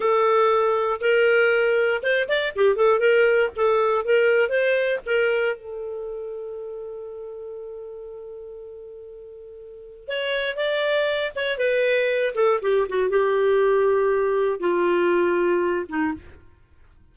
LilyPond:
\new Staff \with { instrumentName = "clarinet" } { \time 4/4 \tempo 4 = 119 a'2 ais'2 | c''8 d''8 g'8 a'8 ais'4 a'4 | ais'4 c''4 ais'4 a'4~ | a'1~ |
a'1 | cis''4 d''4. cis''8 b'4~ | b'8 a'8 g'8 fis'8 g'2~ | g'4 f'2~ f'8 dis'8 | }